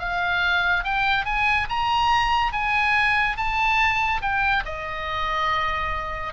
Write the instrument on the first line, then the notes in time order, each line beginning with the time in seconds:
oboe
0.00 F5
0.85 G5
1.26 G#5
1.70 A#5
2.53 G#5
3.37 A5
4.22 G5
4.66 D#5